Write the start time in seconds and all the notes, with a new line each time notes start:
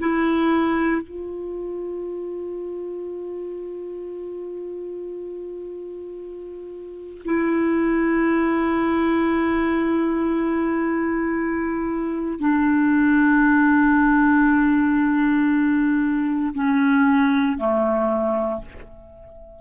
0.00 E4
1.02 F4
7.25 E4
12.40 D4
16.55 C#4
17.58 A3